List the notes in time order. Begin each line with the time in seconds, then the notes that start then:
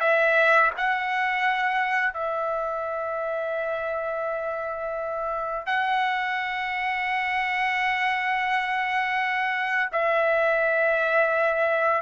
0.00 E5
0.77 F#5
2.13 E5
5.66 F#5
9.92 E5